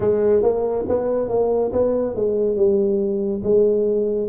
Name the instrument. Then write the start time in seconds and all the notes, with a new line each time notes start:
tuba
0.00 G#3
0.42 A#3
0.88 B3
1.29 A#3
1.72 B3
2.15 G#3
2.56 G3
3.43 G#3